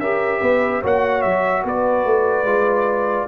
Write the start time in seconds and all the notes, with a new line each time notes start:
0.00 C#4 G4 A#4 E5
0.41 B3 B4
0.81 A#3 F#4 C#5 F#5
1.22 F#3 E5
1.64 B3 B4 D5
2.05 A3
2.44 G#3 F4